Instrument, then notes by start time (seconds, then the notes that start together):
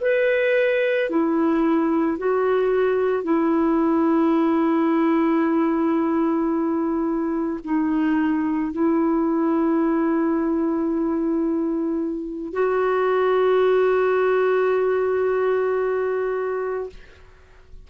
clarinet
0.00 B4
1.09 E4
2.17 F#4
3.23 E4
7.64 D#4
8.72 E4
12.53 F#4